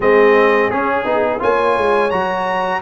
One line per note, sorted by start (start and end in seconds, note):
0.00 0.71 G#3
0.00 0.71 C4
0.00 1.37 G#4
0.00 0.70 D#5
0.70 1.04 C#4
0.70 1.41 G#4
1.04 1.40 B3
1.04 1.39 D#4
1.39 1.77 A#3
1.39 2.10 F4
1.39 2.81 C#5
1.39 2.10 G#5
1.77 2.11 G#3
2.10 2.82 F#3
2.10 2.81 F#4
2.10 2.81 A#5